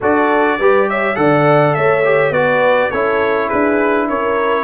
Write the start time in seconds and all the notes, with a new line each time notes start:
0.00 D4 F#4 A4 D5
0.58 G3 G4 B4
0.89 C#5 E5
1.15 D3 A4 D5 F#5
1.74 A3 C#5 E5
2.04 G4
2.30 B3 F#4 B4 D5
2.90 C#4 E4 A4 C#5
3.47 D4 G#4 B4
4.08 C#4 A#4 C#5